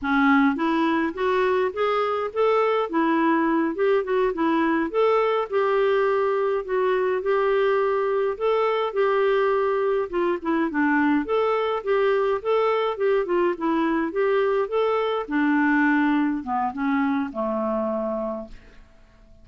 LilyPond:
\new Staff \with { instrumentName = "clarinet" } { \time 4/4 \tempo 4 = 104 cis'4 e'4 fis'4 gis'4 | a'4 e'4. g'8 fis'8 e'8~ | e'8 a'4 g'2 fis'8~ | fis'8 g'2 a'4 g'8~ |
g'4. f'8 e'8 d'4 a'8~ | a'8 g'4 a'4 g'8 f'8 e'8~ | e'8 g'4 a'4 d'4.~ | d'8 b8 cis'4 a2 | }